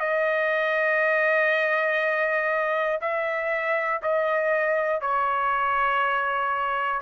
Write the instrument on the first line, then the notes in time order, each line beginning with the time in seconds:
trumpet
0.00 D#5
3.02 E5
4.03 D#5
5.01 C#5